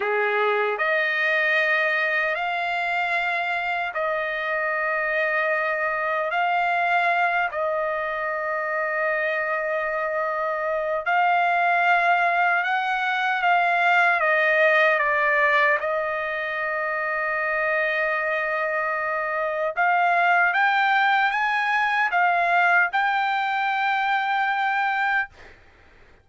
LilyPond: \new Staff \with { instrumentName = "trumpet" } { \time 4/4 \tempo 4 = 76 gis'4 dis''2 f''4~ | f''4 dis''2. | f''4. dis''2~ dis''8~ | dis''2 f''2 |
fis''4 f''4 dis''4 d''4 | dis''1~ | dis''4 f''4 g''4 gis''4 | f''4 g''2. | }